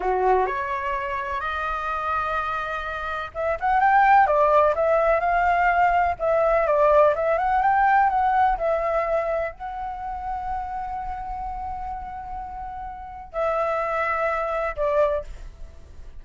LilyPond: \new Staff \with { instrumentName = "flute" } { \time 4/4 \tempo 4 = 126 fis'4 cis''2 dis''4~ | dis''2. e''8 fis''8 | g''4 d''4 e''4 f''4~ | f''4 e''4 d''4 e''8 fis''8 |
g''4 fis''4 e''2 | fis''1~ | fis''1 | e''2. d''4 | }